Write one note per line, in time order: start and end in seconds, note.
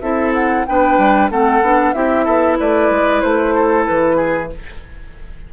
0.00 0.65 C4
0.00 0.66 E4
0.00 0.66 A4
0.00 0.32 E5
0.34 0.66 F#5
0.66 0.98 B3
0.66 1.30 D4
0.66 1.31 B4
0.66 1.30 G5
0.98 1.30 G3
1.30 1.61 A3
1.30 1.62 C4
1.30 1.94 A4
1.30 1.93 F#5
1.61 1.93 B3
1.61 1.94 D4
1.93 2.26 C4
1.93 4.49 E4
1.93 2.25 G4
1.93 2.57 E5
2.25 2.58 B3
2.25 2.57 A4
2.59 2.90 A3
2.59 3.54 B4
2.59 3.21 D5
2.90 3.22 G#3
3.21 3.87 A3
3.21 3.85 C5
3.54 4.16 A4
3.86 4.53 E3
3.86 4.49 B4
4.16 4.48 G#4